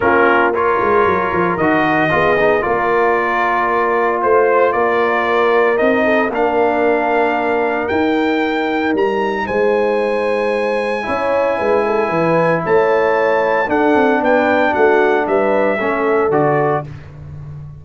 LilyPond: <<
  \new Staff \with { instrumentName = "trumpet" } { \time 4/4 \tempo 4 = 114 ais'4 cis''2 dis''4~ | dis''4 d''2. | c''4 d''2 dis''4 | f''2. g''4~ |
g''4 ais''4 gis''2~ | gis''1 | a''2 fis''4 g''4 | fis''4 e''2 d''4 | }
  \new Staff \with { instrumentName = "horn" } { \time 4/4 f'4 ais'2. | gis'4 ais'2. | c''4 ais'2~ ais'8 a'8 | ais'1~ |
ais'2 c''2~ | c''4 cis''4 b'8 a'8 b'4 | cis''2 a'4 b'4 | fis'4 b'4 a'2 | }
  \new Staff \with { instrumentName = "trombone" } { \time 4/4 cis'4 f'2 fis'4 | f'8 dis'8 f'2.~ | f'2. dis'4 | d'2. dis'4~ |
dis'1~ | dis'4 e'2.~ | e'2 d'2~ | d'2 cis'4 fis'4 | }
  \new Staff \with { instrumentName = "tuba" } { \time 4/4 ais4. gis8 fis8 f8 dis4 | b4 ais2. | a4 ais2 c'4 | ais2. dis'4~ |
dis'4 g4 gis2~ | gis4 cis'4 gis4 e4 | a2 d'8 c'8 b4 | a4 g4 a4 d4 | }
>>